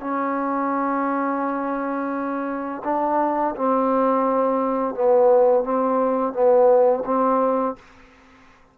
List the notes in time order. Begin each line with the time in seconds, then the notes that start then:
0.00 C#4
2.84 D4
3.56 C4
4.95 B3
5.64 C4
6.33 B3
7.05 C4